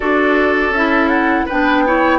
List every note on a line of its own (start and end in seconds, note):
0.00 0.69 D4
0.00 0.73 F#4
0.00 1.45 A4
0.00 0.74 D5
0.69 1.43 C#4
0.69 1.08 E5
0.76 1.50 E4
1.08 1.45 F#5
1.45 2.18 B3
1.45 1.87 D4
1.45 1.82 B4
1.45 2.18 G5
1.87 2.18 E4
1.87 2.18 C#5